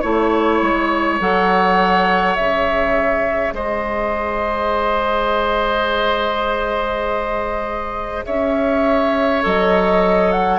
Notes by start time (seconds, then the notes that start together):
0.00 A3 E4 C#5
0.62 G#3
1.20 F#3 A4 F#5
2.36 C#3 G#4 E5
3.52 G#3 C5 D#5
8.26 C#4 C#5 E5
9.42 F#3 A4 D#5
10.32 F#5